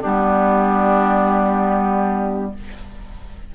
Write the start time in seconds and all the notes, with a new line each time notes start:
0.00 G3 B3 D4 G4